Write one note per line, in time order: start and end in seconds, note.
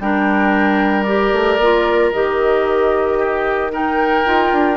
0.00 1.33 G3
0.00 1.07 D4
0.00 3.19 A#4
0.00 1.03 G5
1.03 1.60 G4
1.03 2.09 D5
1.33 1.59 A3
1.59 2.12 A#3
1.59 2.14 F4
2.12 4.26 D#3
2.12 3.71 G4
2.12 3.71 D#5
3.19 3.72 G4
3.71 4.24 D#4
3.71 4.77 A#4
3.71 4.77 G5
4.25 4.52 D#4
4.25 4.77 F4
4.52 4.77 D4